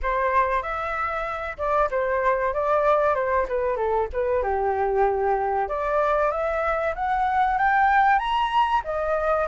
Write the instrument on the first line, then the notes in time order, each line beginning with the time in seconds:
flute
0.02 C5
0.62 E5
1.57 D5
1.90 C5
2.53 D5
3.14 C5
3.48 B4
3.76 A4
4.12 B4
4.42 G4
5.68 D5
6.31 E5
6.95 F#5
7.58 G5
8.18 A#5
8.84 D#5